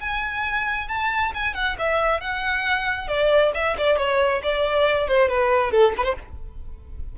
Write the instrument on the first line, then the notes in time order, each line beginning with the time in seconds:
violin
0.00 G#5
0.88 A5
1.34 G#5
1.54 F#5
1.78 E5
2.20 F#5
3.08 D5
3.54 E5
3.77 D5
3.97 C#5
4.43 D5
5.08 C5
5.28 B4
5.71 A4
5.97 B4
6.04 C5